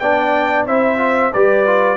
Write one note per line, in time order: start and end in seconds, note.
0.00 0.66 B3
0.00 0.68 D4
0.00 0.67 D5
0.00 0.66 G5
0.66 1.32 C4
0.66 0.98 E4
0.66 1.33 C5
0.66 1.33 E5
0.98 1.31 F4
1.33 1.97 G3
1.33 1.67 G4
1.33 1.97 B4
1.33 1.97 D5
1.67 1.97 F4